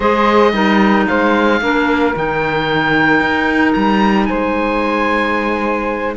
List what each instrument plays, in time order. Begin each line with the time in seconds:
0.00 cello G#3, clarinet G#4, saxophone C5, oboe D#5
0.52 cello G3, clarinet D#4, saxophone A#4
1.07 cello G#3, saxophone C5, oboe F5
1.60 cello A#3, clarinet D4, saxophone A#4
2.14 cello D#3, clarinet D#4, oboe G5
3.20 cello D#4
3.73 cello G3, oboe A#5
4.25 cello G#3, saxophone C5, oboe G#5